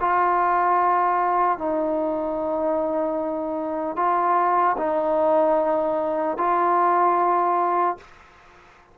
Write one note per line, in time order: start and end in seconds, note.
0.00 1.58 F4
1.58 3.96 D#4
3.96 4.76 F4
4.77 6.37 D#4
6.37 7.97 F4